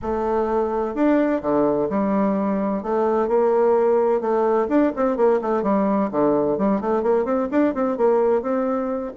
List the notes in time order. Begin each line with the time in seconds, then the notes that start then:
0.01 A3
0.94 D4
1.41 D3
1.89 G3
2.82 A3
3.28 A#3
4.20 A3
4.68 D4
4.96 C4
5.16 A#3
5.41 A3
5.62 G3
6.11 D3
6.58 G3
6.80 A3
7.02 A#3
7.24 C4
7.51 D4
7.74 C4
7.97 A#3
8.42 C4